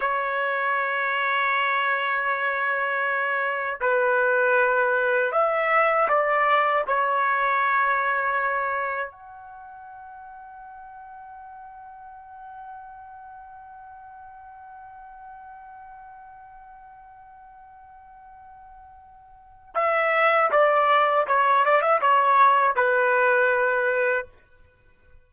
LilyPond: \new Staff \with { instrumentName = "trumpet" } { \time 4/4 \tempo 4 = 79 cis''1~ | cis''4 b'2 e''4 | d''4 cis''2. | fis''1~ |
fis''1~ | fis''1~ | fis''2 e''4 d''4 | cis''8 d''16 e''16 cis''4 b'2 | }